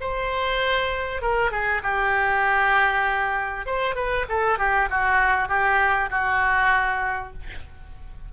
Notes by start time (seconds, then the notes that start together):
0.00 C5
1.21 A#4
1.51 G#4
1.83 G4
3.66 C5
3.95 B4
4.29 A4
4.58 G4
4.90 F#4
5.48 G4
6.10 F#4